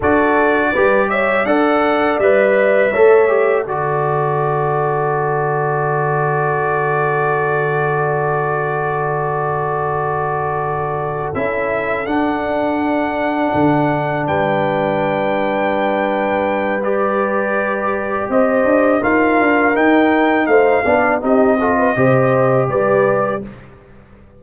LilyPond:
<<
  \new Staff \with { instrumentName = "trumpet" } { \time 4/4 \tempo 4 = 82 d''4. e''8 fis''4 e''4~ | e''4 d''2.~ | d''1~ | d''2.~ d''8 e''8~ |
e''8 fis''2. g''8~ | g''2. d''4~ | d''4 dis''4 f''4 g''4 | f''4 dis''2 d''4 | }
  \new Staff \with { instrumentName = "horn" } { \time 4/4 a'4 b'8 cis''8 d''2 | cis''4 a'2.~ | a'1~ | a'1~ |
a'2.~ a'8 b'8~ | b'1~ | b'4 c''4 ais'2 | c''8 d''8 g'8 a'16 b'16 c''4 b'4 | }
  \new Staff \with { instrumentName = "trombone" } { \time 4/4 fis'4 g'4 a'4 b'4 | a'8 g'8 fis'2.~ | fis'1~ | fis'2.~ fis'8 e'8~ |
e'8 d'2.~ d'8~ | d'2. g'4~ | g'2 f'4 dis'4~ | dis'8 d'8 dis'8 f'8 g'2 | }
  \new Staff \with { instrumentName = "tuba" } { \time 4/4 d'4 g4 d'4 g4 | a4 d2.~ | d1~ | d2.~ d8 cis'8~ |
cis'8 d'2 d4 g8~ | g1~ | g4 c'8 d'8 dis'8 d'8 dis'4 | a8 b8 c'4 c4 g4 | }
>>